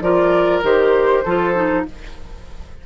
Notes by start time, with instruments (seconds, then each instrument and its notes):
0.00 bassoon F3, clarinet F4, oboe A#4, flute D5
0.62 bassoon D#3, clarinet G4, flute C5
1.24 bassoon F3, clarinet F4, oboe A4
1.55 clarinet D#4